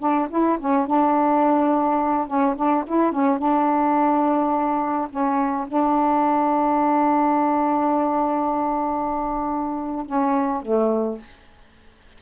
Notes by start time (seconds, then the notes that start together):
0.00 D4
0.30 E4
0.59 C#4
0.87 D4
2.27 C#4
2.56 D4
2.87 E4
3.12 C#4
3.39 D4
5.10 C#4
5.68 D4
10.06 C#4
10.62 A3